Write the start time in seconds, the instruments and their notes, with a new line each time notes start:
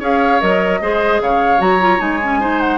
0.00 bassoon C#4, clarinet G#4, oboe C#5, flute F5
0.41 bassoon F#3, clarinet A#4, flute D#5
0.81 bassoon G#3, clarinet G#4, oboe C5
1.22 bassoon C#3, oboe C#5, flute F5
1.58 bassoon F#3, clarinet F#4, flute A#5
1.81 clarinet F4
1.99 bassoon G#3, clarinet D#4, flute G#5
2.24 clarinet C#4
2.40 clarinet D#4, oboe C5
2.60 flute F#5